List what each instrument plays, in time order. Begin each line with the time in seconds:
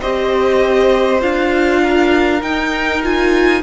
0.00 cello C4, viola G4, violin C5 D#5
1.20 cello D4, viola F4, violin F5
1.81 violin A#4
2.42 cello D#4, viola D#4, violin G5
3.02 viola F4, violin G#5